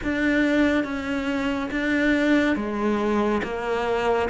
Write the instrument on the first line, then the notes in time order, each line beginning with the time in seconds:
cello
0.03 D4
0.84 C#4
1.71 D4
2.56 G#3
3.43 A#3